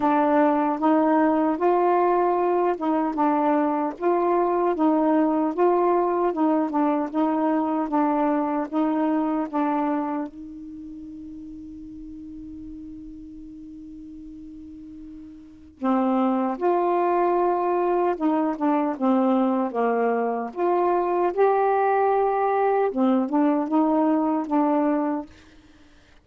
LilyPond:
\new Staff \with { instrumentName = "saxophone" } { \time 4/4 \tempo 4 = 76 d'4 dis'4 f'4. dis'8 | d'4 f'4 dis'4 f'4 | dis'8 d'8 dis'4 d'4 dis'4 | d'4 dis'2.~ |
dis'1 | c'4 f'2 dis'8 d'8 | c'4 ais4 f'4 g'4~ | g'4 c'8 d'8 dis'4 d'4 | }